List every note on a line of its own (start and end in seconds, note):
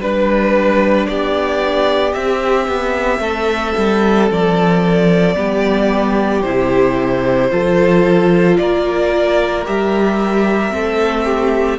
0.00 1.08 G3
0.00 2.15 D4
0.00 1.07 B4
1.07 2.15 B3
1.07 3.22 G4
1.07 2.13 D5
2.13 5.36 C4
2.13 2.68 C4
2.13 4.28 E5
2.68 3.19 B3
3.19 3.73 A3
3.19 5.36 A4
3.77 4.31 G3
4.31 5.36 F3
4.31 6.42 D5
5.36 6.43 G3
5.36 6.43 B3
5.36 7.51 G4
6.42 7.51 C3
6.42 7.51 E4
6.42 8.56 C5
7.51 8.58 F3
7.51 9.64 F4
7.51 8.58 A4
8.57 9.67 A#3
8.57 10.75 A#4
8.57 9.64 D5
9.64 10.73 G3
9.64 10.70 G4
9.64 11.79 E5
10.70 11.79 A3
10.70 11.77 C4
10.70 11.25 A4
11.25 11.79 G4